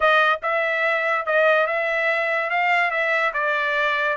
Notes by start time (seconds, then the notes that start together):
0.00 D#5
0.42 E5
1.26 D#5
1.66 E5
2.50 F5
2.91 E5
3.33 D5